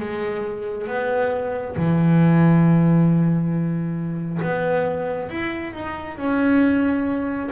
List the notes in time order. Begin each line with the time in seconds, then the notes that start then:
0.00 G#3
0.88 B3
1.76 E3
4.43 B3
5.30 E4
5.74 D#4
6.18 C#4